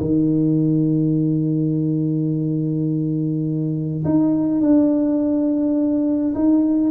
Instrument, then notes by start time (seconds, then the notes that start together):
tuba
0.00 D#3
4.04 D#4
4.60 D4
6.34 D#4